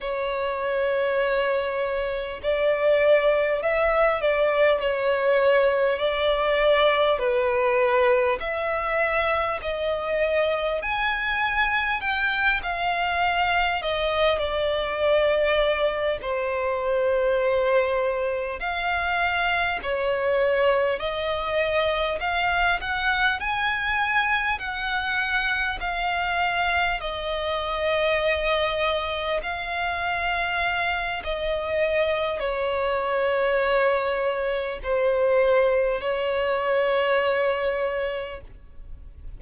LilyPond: \new Staff \with { instrumentName = "violin" } { \time 4/4 \tempo 4 = 50 cis''2 d''4 e''8 d''8 | cis''4 d''4 b'4 e''4 | dis''4 gis''4 g''8 f''4 dis''8 | d''4. c''2 f''8~ |
f''8 cis''4 dis''4 f''8 fis''8 gis''8~ | gis''8 fis''4 f''4 dis''4.~ | dis''8 f''4. dis''4 cis''4~ | cis''4 c''4 cis''2 | }